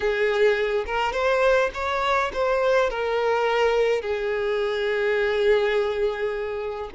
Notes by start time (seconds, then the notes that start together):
0.00 G#4
0.86 A#4
1.12 C5
1.74 C#5
2.33 C5
2.90 A#4
4.01 G#4